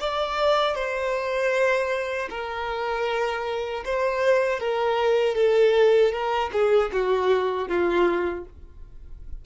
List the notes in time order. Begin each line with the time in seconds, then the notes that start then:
0.00 D5
0.75 C5
2.30 A#4
3.85 C5
4.60 A#4
5.35 A4
6.12 A#4
6.52 G#4
6.92 F#4
7.68 F4